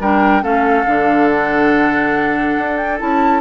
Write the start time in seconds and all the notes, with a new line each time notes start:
0.00 G3 D4 A#4 G5
0.42 A3 C#4 A4 F5
0.87 D3 D4
1.28 F#5
2.58 D4
2.77 G5
2.99 C#4 E4 A5